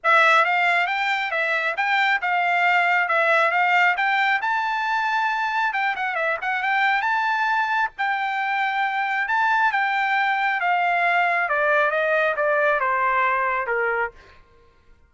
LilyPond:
\new Staff \with { instrumentName = "trumpet" } { \time 4/4 \tempo 4 = 136 e''4 f''4 g''4 e''4 | g''4 f''2 e''4 | f''4 g''4 a''2~ | a''4 g''8 fis''8 e''8 fis''8 g''4 |
a''2 g''2~ | g''4 a''4 g''2 | f''2 d''4 dis''4 | d''4 c''2 ais'4 | }